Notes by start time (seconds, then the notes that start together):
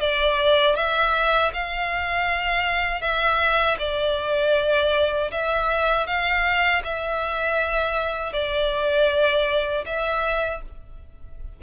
0.00 D5
0.76 E5
1.54 F5
3.01 E5
3.79 D5
5.31 E5
6.07 F5
6.84 E5
8.33 D5
9.86 E5